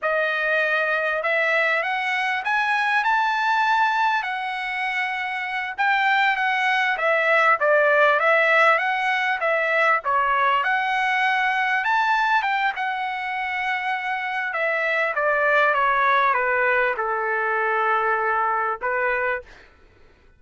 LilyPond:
\new Staff \with { instrumentName = "trumpet" } { \time 4/4 \tempo 4 = 99 dis''2 e''4 fis''4 | gis''4 a''2 fis''4~ | fis''4. g''4 fis''4 e''8~ | e''8 d''4 e''4 fis''4 e''8~ |
e''8 cis''4 fis''2 a''8~ | a''8 g''8 fis''2. | e''4 d''4 cis''4 b'4 | a'2. b'4 | }